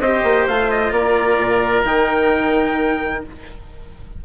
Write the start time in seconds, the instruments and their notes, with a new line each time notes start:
0.00 bassoon C4, cello G4, oboe C5, trumpet D#5
0.23 bassoon A#3
0.48 bassoon A3, cello F4, trumpet F5
0.71 trumpet D#5
0.91 bassoon A#3, oboe A#4, trumpet D5
1.38 bassoon A#2
1.85 bassoon D#3, cello D#4, trumpet G5